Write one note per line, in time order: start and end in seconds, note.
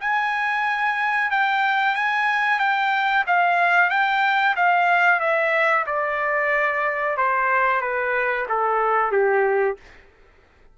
0.00 1.30 G#5
1.31 1.95 G5
1.95 2.59 G#5
2.59 3.24 G5
3.27 3.90 F5
3.90 4.55 G5
4.56 5.20 F5
5.20 5.85 E5
5.86 7.17 D5
7.17 7.81 C5
7.81 8.46 B4
8.48 9.11 A4
9.11 9.76 G4